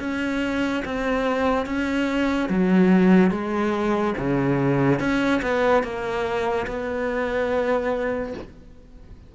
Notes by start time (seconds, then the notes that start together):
0.00 C#4
0.85 C4
1.66 C#4
2.50 F#3
3.31 G#3
4.18 C#3
5.00 C#4
5.42 B3
5.83 A#3
6.67 B3